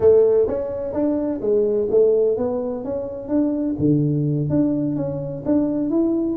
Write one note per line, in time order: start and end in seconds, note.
0.00 0.47 A3
0.47 0.93 C#4
0.93 1.40 D4
1.40 1.88 G#3
1.90 2.37 A3
2.37 2.84 B3
2.84 3.28 C#4
3.28 3.75 D4
3.78 4.49 D3
4.49 4.96 D4
4.96 5.43 C#4
5.45 5.90 D4
5.90 6.37 E4